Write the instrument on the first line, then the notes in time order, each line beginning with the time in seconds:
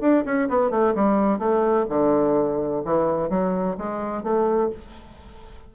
bassoon
0.00 D4
0.25 C#4
0.48 B3
0.70 A3
0.95 G3
1.38 A3
1.89 D3
2.84 E3
3.29 F#3
3.77 G#3
4.23 A3